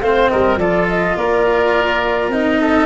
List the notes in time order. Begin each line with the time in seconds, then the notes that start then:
0.00 A3 C4 C5 F5
0.28 G3 A#4 D#5
0.56 F3 F4 A4 D5
0.88 D#5
1.16 A#3 A#4 D5
2.28 C4 D#4 D#5
2.60 A4